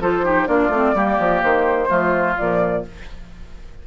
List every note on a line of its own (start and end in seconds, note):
0.00 0.47 F3
0.00 0.24 F4
0.00 0.25 A4
0.00 0.47 C5
0.24 0.47 D#4
0.24 0.48 G4
0.47 0.69 A#3
0.47 0.70 D4
0.47 0.95 F4
0.47 1.42 D5
0.69 0.93 A3
0.69 0.95 C4
0.94 1.18 G3
0.94 1.88 A#3
0.94 1.89 G4
1.19 1.43 F3
1.42 1.90 D#3
1.42 2.37 C5
1.88 2.37 F3
1.88 2.35 A3
1.88 2.83 F4
2.37 2.87 A#2
2.37 2.85 F3
2.37 2.85 D5